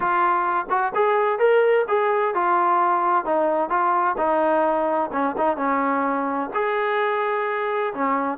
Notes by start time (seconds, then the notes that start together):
0.00 F4
0.69 F#4
0.95 G#4
1.38 A#4
1.88 G#4
2.34 F4
3.25 D#4
3.69 F4
4.17 D#4
5.12 C#4
5.37 D#4
5.56 C#4
6.54 G#4
7.93 C#4